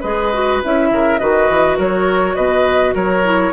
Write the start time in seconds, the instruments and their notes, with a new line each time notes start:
0.00 bassoon G#3, clarinet G#4, oboe B4, flute D#5
0.33 clarinet F#4
0.63 bassoon C#4, clarinet E4, flute E5
0.90 bassoon C#3, oboe A#4
1.18 bassoon D#3, clarinet F#4, oboe B4, flute D#5
1.49 bassoon E3
1.77 bassoon F#3, oboe A#4, flute C#5
2.35 bassoon B2, oboe B4, flute D#5
2.94 bassoon F#3, oboe A#4, flute C#5
3.24 clarinet E4